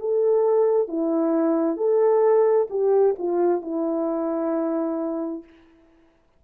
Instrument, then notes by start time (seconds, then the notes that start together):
horn
0.00 A4
0.88 E4
1.77 A4
2.70 G4
3.19 F4
3.62 E4